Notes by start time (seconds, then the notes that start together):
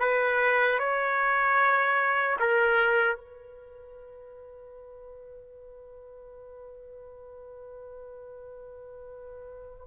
0.00 B4
0.79 C#5
2.39 A#4
3.17 B4